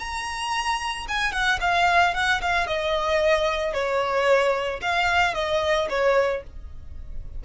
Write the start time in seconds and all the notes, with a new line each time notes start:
0.00 A#5
1.09 G#5
1.32 F#5
1.61 F5
2.15 F#5
2.42 F5
2.67 D#5
3.74 C#5
4.82 F5
5.35 D#5
5.90 C#5